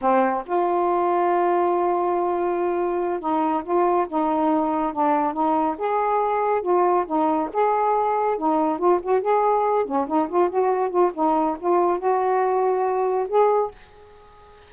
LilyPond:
\new Staff \with { instrumentName = "saxophone" } { \time 4/4 \tempo 4 = 140 c'4 f'2.~ | f'2.~ f'8 dis'8~ | dis'8 f'4 dis'2 d'8~ | d'8 dis'4 gis'2 f'8~ |
f'8 dis'4 gis'2 dis'8~ | dis'8 f'8 fis'8 gis'4. cis'8 dis'8 | f'8 fis'4 f'8 dis'4 f'4 | fis'2. gis'4 | }